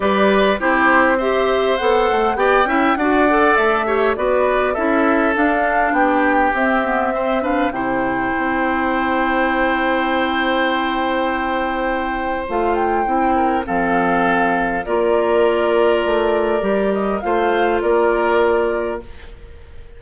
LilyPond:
<<
  \new Staff \with { instrumentName = "flute" } { \time 4/4 \tempo 4 = 101 d''4 c''4 e''4 fis''4 | g''4 fis''4 e''4 d''4 | e''4 f''4 g''4 e''4~ | e''8 f''8 g''2.~ |
g''1~ | g''4 f''8 g''4. f''4~ | f''4 d''2.~ | d''8 dis''8 f''4 d''2 | }
  \new Staff \with { instrumentName = "oboe" } { \time 4/4 b'4 g'4 c''2 | d''8 e''8 d''4. cis''8 b'4 | a'2 g'2 | c''8 b'8 c''2.~ |
c''1~ | c''2~ c''8 ais'8 a'4~ | a'4 ais'2.~ | ais'4 c''4 ais'2 | }
  \new Staff \with { instrumentName = "clarinet" } { \time 4/4 g'4 e'4 g'4 a'4 | g'8 e'8 fis'8 a'4 g'8 fis'4 | e'4 d'2 c'8 b8 | c'8 d'8 e'2.~ |
e'1~ | e'4 f'4 e'4 c'4~ | c'4 f'2. | g'4 f'2. | }
  \new Staff \with { instrumentName = "bassoon" } { \time 4/4 g4 c'2 b8 a8 | b8 cis'8 d'4 a4 b4 | cis'4 d'4 b4 c'4~ | c'4 c4 c'2~ |
c'1~ | c'4 a4 c'4 f4~ | f4 ais2 a4 | g4 a4 ais2 | }
>>